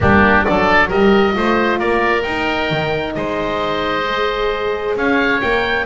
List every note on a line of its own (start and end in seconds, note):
0.00 0.45 G3
0.00 0.44 A#3
0.00 0.46 D4
0.00 0.44 G4
0.44 0.91 F#3
0.44 0.88 D4
0.44 0.88 A4
0.44 0.89 D5
0.88 1.36 G3
0.88 1.32 G4
0.88 1.33 A#4
0.88 1.79 D#5
1.32 1.79 A3
1.32 2.22 F4
1.32 1.79 C5
1.79 2.24 A#3
1.79 3.14 A#4
1.79 2.22 D5
2.22 2.70 D#4
2.22 4.05 D#4
2.22 3.12 G5
2.70 3.15 D#3
3.15 4.95 G#3
3.15 4.97 C5
3.15 4.95 D#5
4.05 5.41 G#4
4.95 5.40 C#4
4.95 5.86 C#5
4.95 5.41 F5
5.41 5.86 A#3
5.41 5.86 A#4
5.41 5.86 G5